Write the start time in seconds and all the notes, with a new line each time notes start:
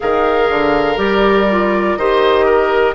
0.00 D#3 G#4 A#4 F5
0.50 D3
0.96 G3 G4 D5
1.50 F4
1.96 D#3 G4 C5 D#5
2.45 A#4